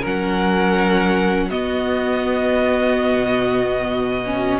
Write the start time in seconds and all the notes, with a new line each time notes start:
0.00 F#3 C#4 A#4
0.06 F#5
1.49 B3 F#4 D#5
3.14 B2
4.26 C#4